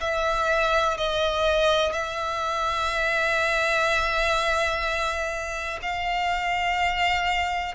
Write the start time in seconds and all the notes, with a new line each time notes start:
0.00 E5
0.97 D#5
1.92 E5
5.82 F5